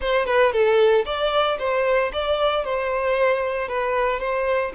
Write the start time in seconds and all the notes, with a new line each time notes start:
0.00 C5
0.26 B4
0.52 A4
1.05 D5
1.59 C5
2.12 D5
2.64 C5
3.68 B4
4.20 C5